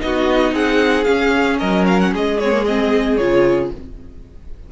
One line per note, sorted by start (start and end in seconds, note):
0.00 0.53 B3
0.00 1.05 D#4
0.00 0.54 D#5
0.06 0.54 F#4
0.53 1.05 C4
0.53 1.59 G#4
0.53 1.05 F#5
1.05 2.38 C#4
1.05 1.61 C#4
1.05 1.57 F5
1.59 2.14 F#3
1.59 2.12 A#4
1.59 1.86 D#5
1.87 2.00 F5
2.00 2.14 F#5
2.13 3.19 G#3
2.13 3.71 G#4
2.13 2.40 D#5
2.40 2.52 C4
2.40 2.65 C#5
2.52 2.65 A#3
2.65 3.20 C4
2.65 3.17 D#5
3.17 3.72 C#3
3.17 3.72 F4
3.17 3.70 C#5